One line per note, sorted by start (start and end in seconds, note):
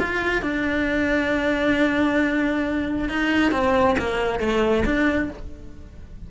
0.00 0.43 F4
0.43 3.09 D4
3.09 3.52 D#4
3.52 3.97 C4
3.99 4.40 A#3
4.40 4.84 A3
4.86 5.30 D4